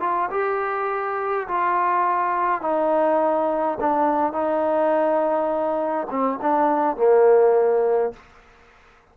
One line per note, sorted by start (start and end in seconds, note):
0.00 0.29 F4
0.30 1.47 G4
1.47 2.61 F4
2.61 3.78 D#4
3.80 4.32 D4
4.32 6.07 D#4
6.10 6.39 C4
6.42 6.96 D4
6.96 8.13 A#3